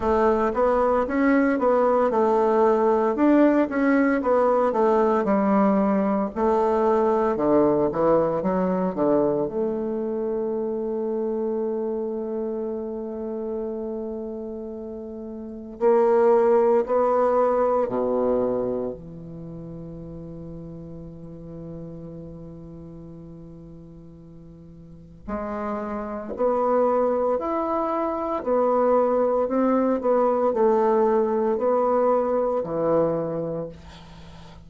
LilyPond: \new Staff \with { instrumentName = "bassoon" } { \time 4/4 \tempo 4 = 57 a8 b8 cis'8 b8 a4 d'8 cis'8 | b8 a8 g4 a4 d8 e8 | fis8 d8 a2.~ | a2. ais4 |
b4 b,4 e2~ | e1 | gis4 b4 e'4 b4 | c'8 b8 a4 b4 e4 | }